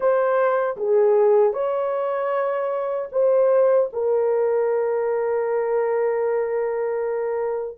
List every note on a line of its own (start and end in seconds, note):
0.00 0.76 C5
0.77 1.53 G#4
1.53 3.09 C#5
3.12 3.90 C5
3.92 7.78 A#4